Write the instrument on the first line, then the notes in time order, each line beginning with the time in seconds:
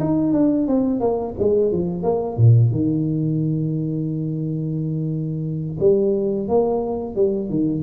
tuba
0.00 D#4
0.33 D4
0.68 C4
1.00 A#3
1.39 G#3
1.72 F3
2.03 A#3
2.37 A#2
2.71 D#3
5.80 G3
6.48 A#3
7.16 G3
7.49 D#3